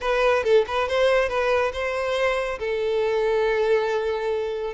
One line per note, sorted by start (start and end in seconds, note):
0.01 0.43 B4
0.43 0.65 A4
0.67 0.88 B4
0.88 1.29 C5
1.29 1.72 B4
1.72 2.59 C5
2.59 4.73 A4